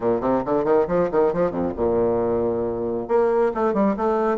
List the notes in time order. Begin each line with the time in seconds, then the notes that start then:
0.00 A#2
0.20 C3
0.45 D3
0.64 D#3
0.87 F3
1.11 D#3
1.33 F3
1.50 F2
1.76 A#2
3.07 A#3
3.54 A3
3.73 G3
3.96 A3